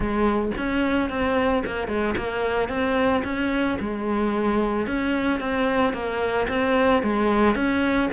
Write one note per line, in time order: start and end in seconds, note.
0.00 0.51 G#3
0.57 1.09 C#4
1.09 1.63 C4
1.66 1.87 A#3
1.87 2.14 G#3
2.17 2.69 A#3
2.69 3.23 C4
3.24 3.78 C#4
3.80 4.86 G#3
4.86 5.40 C#4
5.40 5.93 C4
5.93 6.47 A#3
6.48 7.02 C4
7.02 7.55 G#3
7.55 8.09 C#4